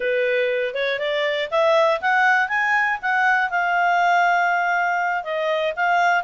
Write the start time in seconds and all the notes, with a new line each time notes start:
0.00 B4
0.74 C#5
0.99 D5
1.50 E5
2.01 F#5
2.48 G#5
3.02 F#5
3.50 F5
5.23 D#5
5.76 F5